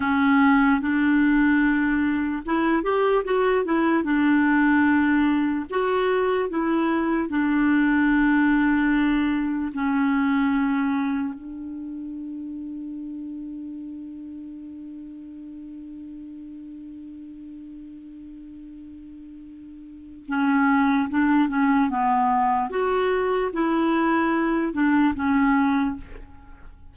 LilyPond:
\new Staff \with { instrumentName = "clarinet" } { \time 4/4 \tempo 4 = 74 cis'4 d'2 e'8 g'8 | fis'8 e'8 d'2 fis'4 | e'4 d'2. | cis'2 d'2~ |
d'1~ | d'1~ | d'4 cis'4 d'8 cis'8 b4 | fis'4 e'4. d'8 cis'4 | }